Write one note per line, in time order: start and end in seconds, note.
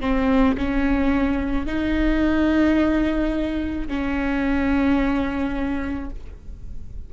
0.00 0.56 C4
0.57 1.66 C#4
1.66 3.87 D#4
3.87 6.10 C#4